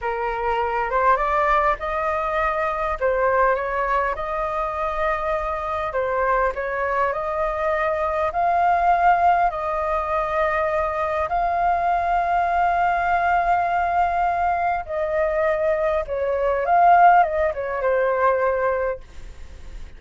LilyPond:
\new Staff \with { instrumentName = "flute" } { \time 4/4 \tempo 4 = 101 ais'4. c''8 d''4 dis''4~ | dis''4 c''4 cis''4 dis''4~ | dis''2 c''4 cis''4 | dis''2 f''2 |
dis''2. f''4~ | f''1~ | f''4 dis''2 cis''4 | f''4 dis''8 cis''8 c''2 | }